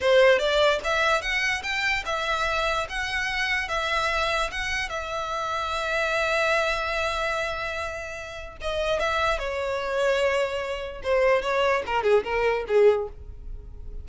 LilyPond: \new Staff \with { instrumentName = "violin" } { \time 4/4 \tempo 4 = 147 c''4 d''4 e''4 fis''4 | g''4 e''2 fis''4~ | fis''4 e''2 fis''4 | e''1~ |
e''1~ | e''4 dis''4 e''4 cis''4~ | cis''2. c''4 | cis''4 ais'8 gis'8 ais'4 gis'4 | }